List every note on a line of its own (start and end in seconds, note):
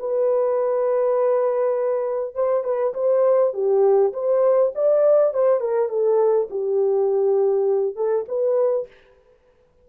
0.00 2.35 B4
2.35 2.64 C5
2.64 2.94 B4
2.95 3.54 C5
3.54 4.13 G4
4.14 4.73 C5
4.76 5.34 D5
5.34 5.61 C5
5.61 5.89 A#4
5.89 6.49 A4
6.50 7.96 G4
7.96 8.26 A4
8.29 8.88 B4